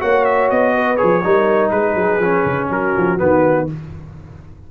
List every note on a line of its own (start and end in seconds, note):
0.00 0.51 A#3
0.00 0.97 F#4
0.00 0.73 C#5
0.00 0.25 F#5
0.25 0.49 E5
0.50 0.99 B3
0.50 0.96 D#5
0.74 1.23 B4
0.96 1.21 G#4
0.96 1.69 C#5
1.03 1.25 F3
1.23 1.71 G3
1.23 2.21 D#4
1.23 1.71 A#4
1.70 1.95 G#3
1.70 2.69 G#4
1.70 2.68 B4
1.95 2.19 F#3
2.19 2.43 F3
2.19 3.18 C#4
2.45 2.69 C#3
2.70 2.94 F#3
2.70 3.68 F#4
2.70 3.19 A#4
2.97 3.21 F3
3.18 3.71 D#3
3.18 3.67 B3
3.18 3.67 B4